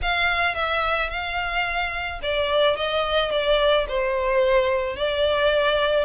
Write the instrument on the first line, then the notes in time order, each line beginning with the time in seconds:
violin
0.02 F5
0.54 E5
1.09 F5
2.22 D5
2.76 D#5
3.31 D5
3.88 C5
4.96 D5